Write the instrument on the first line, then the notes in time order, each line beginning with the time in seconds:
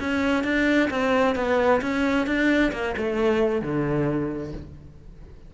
cello
0.00 C#4
0.44 D4
0.90 C4
1.36 B3
1.82 C#4
2.27 D4
2.72 A#3
2.97 A3
3.62 D3